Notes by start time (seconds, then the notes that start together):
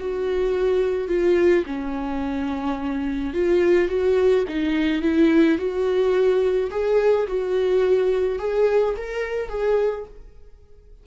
0.00 F#4
1.09 F4
1.66 C#4
3.34 F4
3.89 F#4
4.49 D#4
5.03 E4
5.59 F#4
6.71 G#4
7.28 F#4
8.39 G#4
8.97 A#4
9.49 G#4